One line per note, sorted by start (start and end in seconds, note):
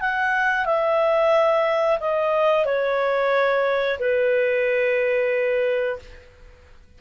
0.00 0.65 F#5
0.65 1.98 E5
2.00 2.65 D#5
2.65 3.98 C#5
3.99 5.99 B4